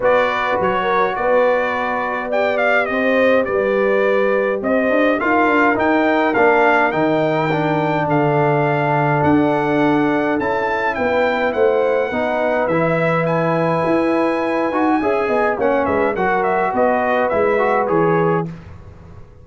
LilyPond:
<<
  \new Staff \with { instrumentName = "trumpet" } { \time 4/4 \tempo 4 = 104 d''4 cis''4 d''2 | g''8 f''8 dis''4 d''2 | dis''4 f''4 g''4 f''4 | g''2 f''2 |
fis''2 a''4 g''4 | fis''2 e''4 gis''4~ | gis''2. fis''8 e''8 | fis''8 e''8 dis''4 e''4 cis''4 | }
  \new Staff \with { instrumentName = "horn" } { \time 4/4 b'4. ais'8 b'2 | d''4 c''4 b'2 | c''4 ais'2.~ | ais'2 a'2~ |
a'2. b'4 | c''4 b'2.~ | b'2 e''8 dis''8 cis''8 b'8 | ais'4 b'2. | }
  \new Staff \with { instrumentName = "trombone" } { \time 4/4 fis'1 | g'1~ | g'4 f'4 dis'4 d'4 | dis'4 d'2.~ |
d'2 e'2~ | e'4 dis'4 e'2~ | e'4. fis'8 gis'4 cis'4 | fis'2 e'8 fis'8 gis'4 | }
  \new Staff \with { instrumentName = "tuba" } { \time 4/4 b4 fis4 b2~ | b4 c'4 g2 | c'8 d'8 dis'8 d'8 dis'4 ais4 | dis2 d2 |
d'2 cis'4 b4 | a4 b4 e2 | e'4. dis'8 cis'8 b8 ais8 gis8 | fis4 b4 gis4 e4 | }
>>